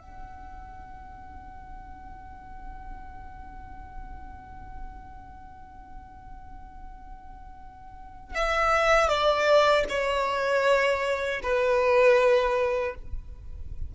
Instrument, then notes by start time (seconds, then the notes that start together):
violin
0.00 F#5
8.35 E5
9.09 D5
9.89 C#5
11.43 B4